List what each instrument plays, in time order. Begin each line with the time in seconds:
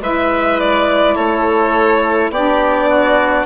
0.00 bassoon G#3, saxophone E4, oboe B4, violin E5
0.59 violin D5
1.15 bassoon A3, oboe A4, violin C#5
2.30 bassoon B3, saxophone D4, oboe G4, violin D5
2.89 oboe F#4